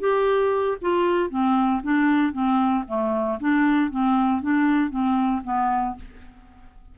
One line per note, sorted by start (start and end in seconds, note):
0.00 0.78 G4
0.81 1.30 F4
1.30 1.82 C4
1.83 2.33 D4
2.33 2.84 C4
2.88 3.39 A3
3.40 3.91 D4
3.91 4.42 C4
4.42 4.90 D4
4.90 5.42 C4
5.44 5.96 B3